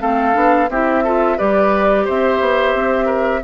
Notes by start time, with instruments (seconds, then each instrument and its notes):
0.00 bassoon A3, clarinet C4, oboe A4, flute F5
0.33 bassoon B3, clarinet D4
0.69 bassoon C4, clarinet E4, oboe G4, flute E5
1.03 clarinet F4, oboe A4
1.37 bassoon G3, clarinet G4, oboe B4, flute D5
2.05 bassoon C4, oboe C5, flute E5
2.40 bassoon B3
2.74 bassoon C4
3.06 oboe A#4